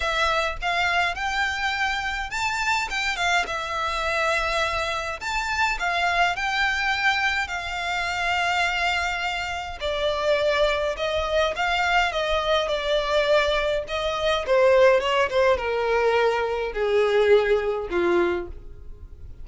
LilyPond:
\new Staff \with { instrumentName = "violin" } { \time 4/4 \tempo 4 = 104 e''4 f''4 g''2 | a''4 g''8 f''8 e''2~ | e''4 a''4 f''4 g''4~ | g''4 f''2.~ |
f''4 d''2 dis''4 | f''4 dis''4 d''2 | dis''4 c''4 cis''8 c''8 ais'4~ | ais'4 gis'2 f'4 | }